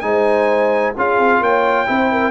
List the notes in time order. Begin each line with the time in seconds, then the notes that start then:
0.00 G#3 D#4 C5 G#5
0.95 C#4 F4 G#4 F5
1.19 C4
1.40 A#3 C#5 G5
1.86 C4 E4 C5
2.11 A#4